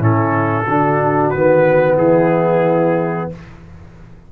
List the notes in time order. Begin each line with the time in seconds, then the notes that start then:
0.00 A2 C#4 E4 A4
0.67 D3 D4 F#4
1.30 D#3 B3 B4
1.97 E3 E4 G#4